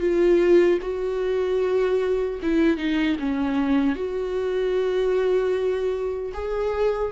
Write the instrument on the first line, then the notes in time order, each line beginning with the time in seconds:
viola
0.00 F4
0.81 F#4
2.42 E4
2.77 D#4
3.19 C#4
3.95 F#4
6.33 G#4